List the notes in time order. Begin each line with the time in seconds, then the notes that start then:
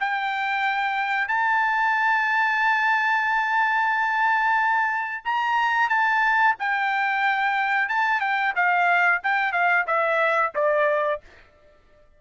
0.00 G5
1.28 A5
5.25 A#5
5.89 A5
6.59 G5
7.89 A5
8.21 G5
8.56 F5
9.24 G5
9.53 F5
9.87 E5
10.55 D5